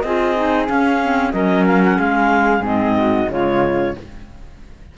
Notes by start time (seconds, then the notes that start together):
0.00 C4 F4 G#4 D#5
0.35 D#4
0.67 C#4 F5
1.03 C4
1.32 F#3 C#4 A#4 D#5
1.67 F5
1.84 F#5
1.97 G#3 G#4 F5
2.61 G#2 C4 D#5
2.97 F#4
3.29 C#3 G#3 F4 C#5